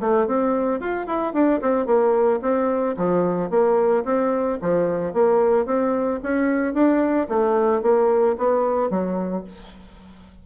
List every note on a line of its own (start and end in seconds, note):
0.00 0.27 A3
0.27 0.80 C4
0.80 1.06 F4
1.06 1.33 E4
1.33 1.60 D4
1.61 1.86 C4
1.86 2.40 A#3
2.42 2.96 C4
2.96 3.50 F3
3.50 4.04 A#3
4.04 4.58 C4
4.61 5.13 F3
5.13 5.66 A#3
5.66 6.20 C4
6.23 6.73 C#4
6.73 7.27 D4
7.29 7.82 A3
7.82 8.36 A#3
8.38 8.90 B3
8.90 9.44 F#3